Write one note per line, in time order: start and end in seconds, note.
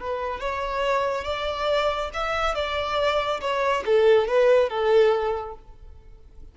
0.00 0.40 B4
0.40 1.25 C#5
1.25 2.11 D5
2.14 2.55 E5
2.55 3.41 D5
3.41 3.84 C#5
3.86 4.28 A4
4.28 4.70 B4
4.70 5.55 A4